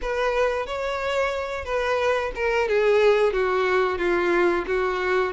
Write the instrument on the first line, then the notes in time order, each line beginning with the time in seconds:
violin
0.01 B4
0.66 C#5
1.65 B4
2.35 A#4
2.68 G#4
3.32 F#4
3.98 F4
4.67 F#4